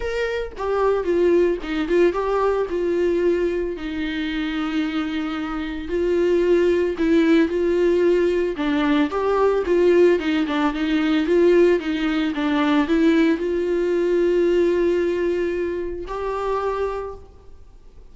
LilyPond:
\new Staff \with { instrumentName = "viola" } { \time 4/4 \tempo 4 = 112 ais'4 g'4 f'4 dis'8 f'8 | g'4 f'2 dis'4~ | dis'2. f'4~ | f'4 e'4 f'2 |
d'4 g'4 f'4 dis'8 d'8 | dis'4 f'4 dis'4 d'4 | e'4 f'2.~ | f'2 g'2 | }